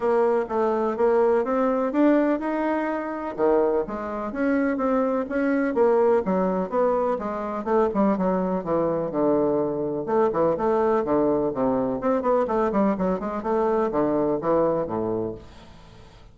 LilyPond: \new Staff \with { instrumentName = "bassoon" } { \time 4/4 \tempo 4 = 125 ais4 a4 ais4 c'4 | d'4 dis'2 dis4 | gis4 cis'4 c'4 cis'4 | ais4 fis4 b4 gis4 |
a8 g8 fis4 e4 d4~ | d4 a8 e8 a4 d4 | c4 c'8 b8 a8 g8 fis8 gis8 | a4 d4 e4 a,4 | }